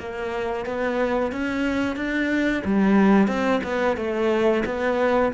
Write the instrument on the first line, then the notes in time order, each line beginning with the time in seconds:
cello
0.00 A#3
0.66 B3
1.32 C#4
1.96 D4
2.65 G3
3.28 C4
3.64 B3
3.97 A3
4.66 B3